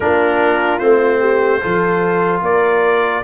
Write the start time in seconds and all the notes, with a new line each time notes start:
0.00 A#3 D4 F4 A#4
0.78 A3 C4 C5
1.19 G4
1.61 F3 F4 A4
2.41 A#3 A#4 D5